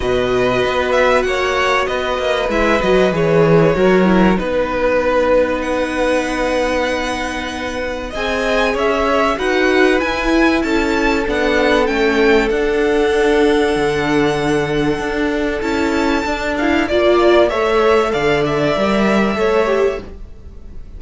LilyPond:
<<
  \new Staff \with { instrumentName = "violin" } { \time 4/4 \tempo 4 = 96 dis''4. e''8 fis''4 dis''4 | e''8 dis''8 cis''2 b'4~ | b'4 fis''2.~ | fis''4 gis''4 e''4 fis''4 |
gis''4 a''4 fis''4 g''4 | fis''1~ | fis''4 a''4. f''8 d''4 | e''4 f''8 e''2~ e''8 | }
  \new Staff \with { instrumentName = "violin" } { \time 4/4 b'2 cis''4 b'4~ | b'2 ais'4 b'4~ | b'1~ | b'4 dis''4 cis''4 b'4~ |
b'4 a'2.~ | a'1~ | a'2. d''4 | cis''4 d''2 cis''4 | }
  \new Staff \with { instrumentName = "viola" } { \time 4/4 fis'1 | e'8 fis'8 gis'4 fis'8 e'8 dis'4~ | dis'1~ | dis'4 gis'2 fis'4 |
e'2 d'4 cis'4 | d'1~ | d'4 e'4 d'8 e'8 f'4 | a'2 ais'4 a'8 g'8 | }
  \new Staff \with { instrumentName = "cello" } { \time 4/4 b,4 b4 ais4 b8 ais8 | gis8 fis8 e4 fis4 b4~ | b1~ | b4 c'4 cis'4 dis'4 |
e'4 cis'4 b4 a4 | d'2 d2 | d'4 cis'4 d'4 ais4 | a4 d4 g4 a4 | }
>>